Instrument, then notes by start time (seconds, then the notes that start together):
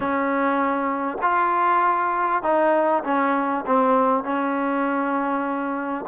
trombone
0.00 C#4
1.21 F4
2.42 D#4
3.04 C#4
3.66 C4
4.23 C#4